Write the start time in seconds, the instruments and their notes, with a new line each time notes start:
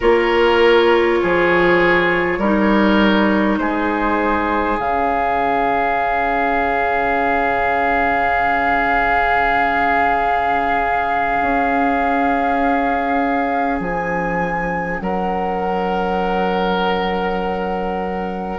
0.00 bassoon A#3, clarinet F4, oboe A#4, flute C#5
1.22 bassoon F3, oboe G#4
2.38 bassoon G3, clarinet D#4, oboe A#4
3.58 bassoon G#3, oboe G#4, flute C5
4.79 bassoon C#3, clarinet C#4, flute F5
11.41 bassoon C#4
13.80 bassoon F3, flute G#5
15.00 bassoon F#3, oboe A#4, flute F#5